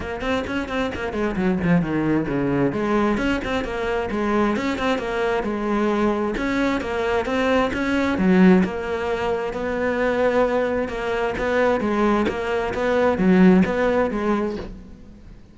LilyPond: \new Staff \with { instrumentName = "cello" } { \time 4/4 \tempo 4 = 132 ais8 c'8 cis'8 c'8 ais8 gis8 fis8 f8 | dis4 cis4 gis4 cis'8 c'8 | ais4 gis4 cis'8 c'8 ais4 | gis2 cis'4 ais4 |
c'4 cis'4 fis4 ais4~ | ais4 b2. | ais4 b4 gis4 ais4 | b4 fis4 b4 gis4 | }